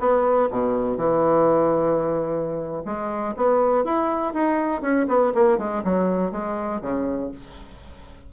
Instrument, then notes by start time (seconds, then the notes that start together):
bassoon
0.00 B3
0.51 B2
0.97 E3
2.86 G#3
3.37 B3
3.85 E4
4.34 D#4
4.82 C#4
5.08 B3
5.35 A#3
5.58 G#3
5.84 F#3
6.32 G#3
6.82 C#3